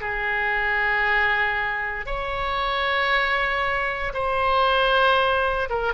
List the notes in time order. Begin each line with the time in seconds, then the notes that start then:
0.00 G#4
2.06 C#5
4.13 C5
5.69 A#4